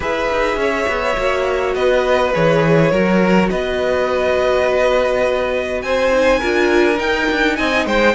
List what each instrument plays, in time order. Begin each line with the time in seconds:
0.00 cello E4, viola G#4, violin B4 E5
0.32 cello D#4
0.56 cello C#4, violin C#5
0.87 cello B3
1.17 cello A#3, viola F#4
1.75 cello B3, violin B4 D#5
2.33 cello E3, viola G#4, violin C#5
2.91 cello F#3, viola F#4, violin A#4
3.50 cello B3, violin B4 D#5
5.82 cello C4, violin C5 G#5
6.11 viola D#4
6.39 cello D4, viola F4, violin A#4
6.95 viola D#4, cello D#4, violin G5
7.31 cello D4
7.55 cello C4, violin D#5 G#5
7.85 cello G#3, violin C5 G5